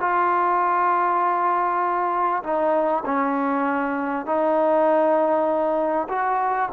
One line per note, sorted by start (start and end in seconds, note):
0.00 2.42 F4
2.43 3.04 D#4
3.05 4.26 C#4
4.26 6.07 D#4
6.08 6.69 F#4